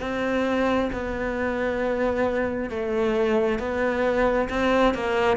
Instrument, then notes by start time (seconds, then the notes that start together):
cello
0.00 C4
0.93 B3
2.70 A3
3.59 B3
4.49 C4
4.94 A#3